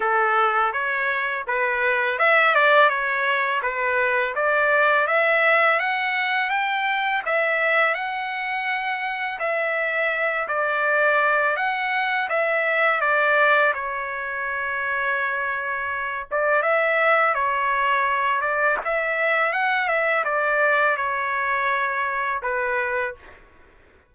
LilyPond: \new Staff \with { instrumentName = "trumpet" } { \time 4/4 \tempo 4 = 83 a'4 cis''4 b'4 e''8 d''8 | cis''4 b'4 d''4 e''4 | fis''4 g''4 e''4 fis''4~ | fis''4 e''4. d''4. |
fis''4 e''4 d''4 cis''4~ | cis''2~ cis''8 d''8 e''4 | cis''4. d''8 e''4 fis''8 e''8 | d''4 cis''2 b'4 | }